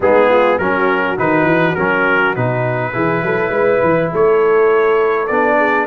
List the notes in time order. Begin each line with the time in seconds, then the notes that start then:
0.00 G#3 B3 D#4 G#4
0.28 F4
0.58 F#3 C#4 F#4 A#4
1.17 D#3 D#4 B4
1.44 E3
1.75 F#3 C#4 A#4
2.35 B2 D#4 B4
2.92 E3 E4 G#4
3.23 F#3 A4
3.49 G#3 B4
3.82 E3
4.11 A3 A4 C#5
5.27 B3 D4 D5
5.57 G#4